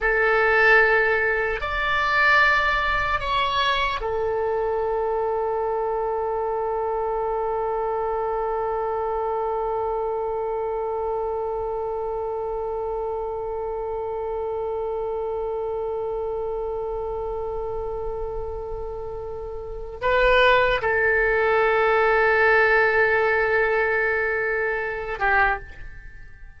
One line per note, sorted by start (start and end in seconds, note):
0.00 1.60 A4
1.60 3.20 D5
3.20 4.00 C#5
4.00 20.00 A4
20.01 20.81 B4
20.81 25.19 A4
25.19 25.59 G4